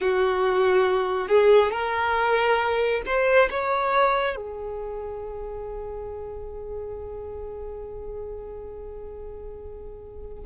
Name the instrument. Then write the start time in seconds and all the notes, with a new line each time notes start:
violin
0.00 F#4
1.28 G#4
1.71 A#4
3.06 C5
3.50 C#5
4.36 G#4